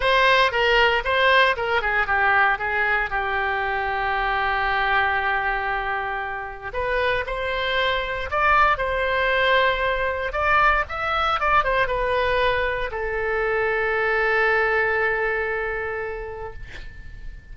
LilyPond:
\new Staff \with { instrumentName = "oboe" } { \time 4/4 \tempo 4 = 116 c''4 ais'4 c''4 ais'8 gis'8 | g'4 gis'4 g'2~ | g'1~ | g'4 b'4 c''2 |
d''4 c''2. | d''4 e''4 d''8 c''8 b'4~ | b'4 a'2.~ | a'1 | }